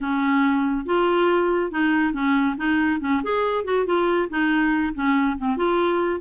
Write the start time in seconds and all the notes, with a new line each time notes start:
0.00 C#4
0.85 F4
1.71 D#4
2.13 C#4
2.57 D#4
3.00 C#4
3.23 G#4
3.64 F#4
3.86 F4
4.29 D#4
4.94 C#4
5.37 C4
5.56 F4